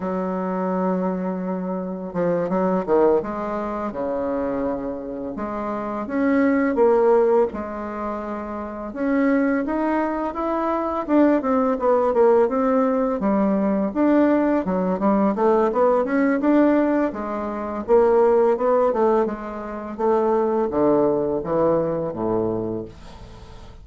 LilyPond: \new Staff \with { instrumentName = "bassoon" } { \time 4/4 \tempo 4 = 84 fis2. f8 fis8 | dis8 gis4 cis2 gis8~ | gis8 cis'4 ais4 gis4.~ | gis8 cis'4 dis'4 e'4 d'8 |
c'8 b8 ais8 c'4 g4 d'8~ | d'8 fis8 g8 a8 b8 cis'8 d'4 | gis4 ais4 b8 a8 gis4 | a4 d4 e4 a,4 | }